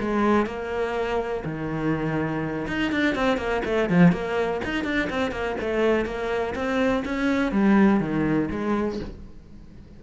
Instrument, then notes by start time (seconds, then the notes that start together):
cello
0.00 G#3
0.46 A#3
1.45 D#3
2.67 D#4
2.92 D4
3.15 C4
3.37 A#3
3.65 A3
3.89 F3
4.12 A#3
4.64 D#4
4.84 D4
5.10 C4
5.31 A#3
5.61 A3
6.05 A#3
6.55 C4
7.05 C#4
7.52 G3
8.00 D#3
8.51 G#3